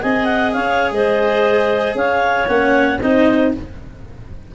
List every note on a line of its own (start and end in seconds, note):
0.00 0.54 C4
0.00 2.46 G#4
0.00 0.53 D#5
0.00 0.25 G#5
0.25 0.50 F#5
0.52 0.91 C#4
0.52 0.93 C#5
0.52 0.91 F5
0.91 1.94 G#3
0.91 1.96 C5
0.91 1.95 D#5
1.95 2.46 C#4
1.95 2.99 C#5
1.95 2.47 F5
2.46 2.99 A#3
2.46 2.98 C#4
2.46 2.99 F#5
2.99 3.53 C4
2.99 3.54 D#4
2.99 3.51 C5
2.99 3.52 D#5